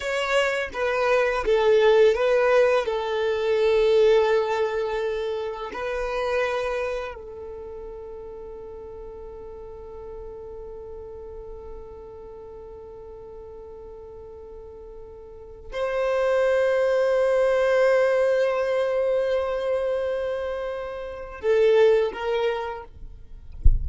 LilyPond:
\new Staff \with { instrumentName = "violin" } { \time 4/4 \tempo 4 = 84 cis''4 b'4 a'4 b'4 | a'1 | b'2 a'2~ | a'1~ |
a'1~ | a'2 c''2~ | c''1~ | c''2 a'4 ais'4 | }